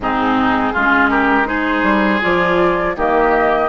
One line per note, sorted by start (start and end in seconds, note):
0.00 0.72 G#2
0.00 0.76 C4
0.00 0.73 D#4
0.00 1.10 G#4
0.73 1.83 G#3
0.73 1.45 C#4
0.73 1.10 F4
1.10 1.47 G4
1.10 1.47 A#4
1.45 2.19 D#4
1.45 2.96 G#4
1.45 2.21 C5
1.83 2.20 G3
2.20 2.96 F3
2.20 2.94 F4
2.20 2.96 D5
2.96 3.68 D#3
2.96 3.68 A#3
2.96 3.68 G4
2.96 3.68 D#5